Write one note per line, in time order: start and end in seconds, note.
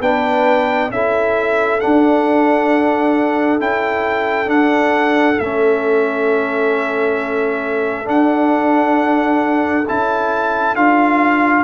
0.00 0.90 B3
0.00 0.92 D4
0.00 0.90 B4
0.00 0.91 G5
0.90 1.80 C#4
0.90 1.80 E4
0.90 11.64 A4
0.90 1.80 E5
1.80 3.60 D4
1.80 3.59 D4
1.80 3.59 F#5
3.59 4.49 C#4
3.59 4.46 E4
3.59 4.50 G5
4.46 5.35 D4
4.46 5.38 D4
4.46 5.39 F#5
5.39 8.07 A3
5.39 8.05 C#4
5.39 8.08 E5
8.05 9.84 D4
8.05 9.86 D4
8.05 9.88 F#5
9.88 10.75 C#4
9.88 10.76 E4
9.88 10.75 A5
10.75 11.64 D4
10.75 11.64 F4
10.75 11.64 F5